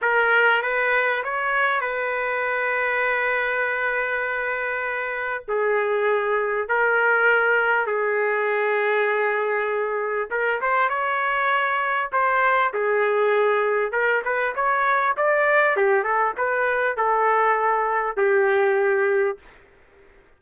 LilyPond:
\new Staff \with { instrumentName = "trumpet" } { \time 4/4 \tempo 4 = 99 ais'4 b'4 cis''4 b'4~ | b'1~ | b'4 gis'2 ais'4~ | ais'4 gis'2.~ |
gis'4 ais'8 c''8 cis''2 | c''4 gis'2 ais'8 b'8 | cis''4 d''4 g'8 a'8 b'4 | a'2 g'2 | }